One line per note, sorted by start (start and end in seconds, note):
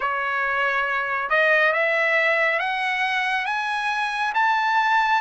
0.00 1.29 C#5
1.29 1.72 D#5
1.72 2.59 E5
2.59 3.45 F#5
3.45 4.32 G#5
4.34 5.21 A5